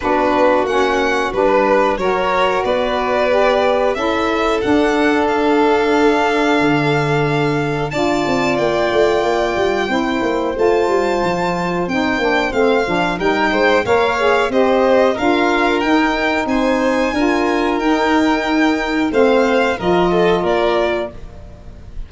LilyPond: <<
  \new Staff \with { instrumentName = "violin" } { \time 4/4 \tempo 4 = 91 b'4 fis''4 b'4 cis''4 | d''2 e''4 fis''4 | f''1 | a''4 g''2. |
a''2 g''4 f''4 | g''4 f''4 dis''4 f''4 | g''4 gis''2 g''4~ | g''4 f''4 dis''4 d''4 | }
  \new Staff \with { instrumentName = "violin" } { \time 4/4 fis'2~ fis'16 b'8. ais'4 | b'2 a'2~ | a'1 | d''2. c''4~ |
c''1 | ais'8 c''8 cis''4 c''4 ais'4~ | ais'4 c''4 ais'2~ | ais'4 c''4 ais'8 a'8 ais'4 | }
  \new Staff \with { instrumentName = "saxophone" } { \time 4/4 d'4 cis'4 d'4 fis'4~ | fis'4 g'4 e'4 d'4~ | d'1 | f'2. e'4 |
f'2 dis'8 d'8 c'8 d'8 | dis'4 ais'8 gis'8 g'4 f'4 | dis'2 f'4 dis'4~ | dis'4 c'4 f'2 | }
  \new Staff \with { instrumentName = "tuba" } { \time 4/4 b4 ais4 g4 fis4 | b2 cis'4 d'4~ | d'2 d2 | d'8 c'8 ais8 a8 ais8 g8 c'8 ais8 |
a8 g8 f4 c'8 ais8 a8 f8 | g8 gis8 ais4 c'4 d'4 | dis'4 c'4 d'4 dis'4~ | dis'4 a4 f4 ais4 | }
>>